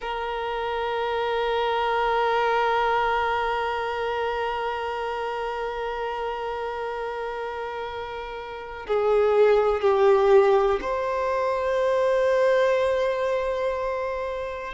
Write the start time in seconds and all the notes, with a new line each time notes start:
0.01 A#4
8.87 G#4
9.81 G4
10.81 C5